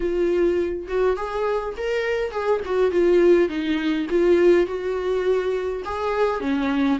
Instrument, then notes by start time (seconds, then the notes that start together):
viola
0.00 F4
0.87 F#4
1.16 G#4
1.77 A#4
2.31 G#4
2.65 F#4
2.91 F4
3.48 D#4
4.10 F4
4.66 F#4
5.84 G#4
6.40 C#4